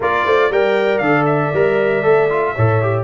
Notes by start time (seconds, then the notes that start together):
0.00 A#3 F4 A#4 D5
0.25 A3 C5
0.50 G3 A#4 D5 G5
0.98 D3 A4 F5
1.25 E5
1.53 G3 A#4
2.02 A3 A4
2.29 F4
2.54 A2 A4 C#5
2.82 G4